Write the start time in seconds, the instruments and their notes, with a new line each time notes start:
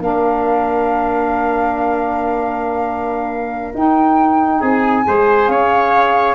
0.00 tuba A#3, saxophone D4, trumpet A#4, flute F5
3.74 saxophone D#4, tuba D#4, flute G5
4.60 tuba C4, trumpet G#4, flute G#5
5.04 tuba G#3, saxophone G#4, trumpet C5
5.48 tuba C#4, trumpet C#5, flute F5